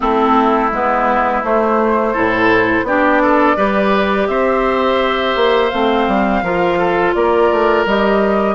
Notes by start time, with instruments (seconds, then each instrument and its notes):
0.00 bassoon A3, clarinet C4, oboe E4, flute A4
0.71 bassoon G#3, clarinet B3, flute B4
1.43 clarinet A3, bassoon A3, flute C5
2.12 bassoon A2, clarinet E4, oboe A4
2.83 bassoon B3, clarinet D4, oboe G4, flute D5
3.22 oboe A4
3.56 bassoon G3, clarinet G4, oboe B4
4.27 bassoon C4, oboe C5, flute E5
5.35 bassoon A#3
5.70 bassoon A3, clarinet C4, flute F5
6.07 bassoon G3
6.42 bassoon F3, clarinet F4, oboe A#4
6.78 oboe A4
7.14 bassoon A#3, oboe A#4, flute D5
7.51 bassoon A3
7.85 bassoon G3, clarinet G4, flute D#5